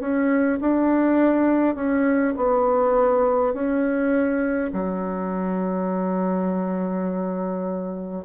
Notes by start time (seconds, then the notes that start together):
0.00 C#4
0.60 D4
1.75 C#4
2.36 B3
3.53 C#4
4.73 F#3